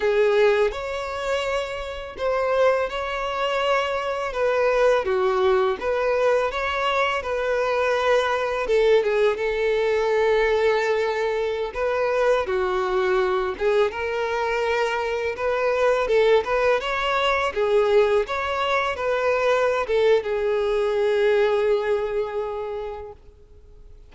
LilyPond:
\new Staff \with { instrumentName = "violin" } { \time 4/4 \tempo 4 = 83 gis'4 cis''2 c''4 | cis''2 b'4 fis'4 | b'4 cis''4 b'2 | a'8 gis'8 a'2.~ |
a'16 b'4 fis'4. gis'8 ais'8.~ | ais'4~ ais'16 b'4 a'8 b'8 cis''8.~ | cis''16 gis'4 cis''4 b'4~ b'16 a'8 | gis'1 | }